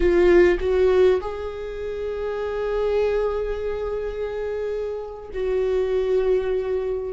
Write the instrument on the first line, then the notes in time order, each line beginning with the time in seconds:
viola
0.00 F4
0.60 F#4
1.20 G#4
5.33 F#4